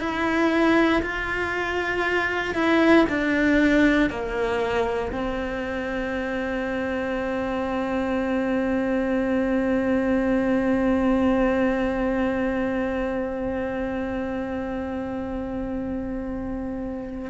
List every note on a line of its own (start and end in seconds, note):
0.00 1.02 E4
1.02 2.55 F4
2.55 3.06 E4
3.09 4.10 D4
4.10 5.12 A#3
5.12 17.30 C4